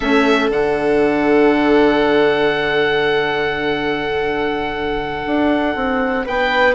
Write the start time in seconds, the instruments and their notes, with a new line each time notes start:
0.00 bassoon A3, saxophone C#4, violin A4, oboe E5
0.49 bassoon D3, saxophone D4, oboe F#5
5.26 bassoon D4
5.75 bassoon C4
6.25 bassoon B3, violin B4, oboe G5